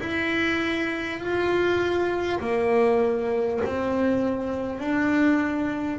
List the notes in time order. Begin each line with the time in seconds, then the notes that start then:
0.00 E4
1.19 F4
2.40 A#3
3.65 C4
4.79 D4